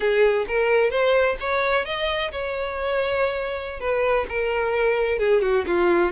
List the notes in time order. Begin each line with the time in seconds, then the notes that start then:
0.00 G#4
0.47 A#4
0.90 C5
1.40 C#5
1.85 D#5
2.31 C#5
3.80 B4
4.28 A#4
5.18 G#4
5.41 F#4
5.66 F4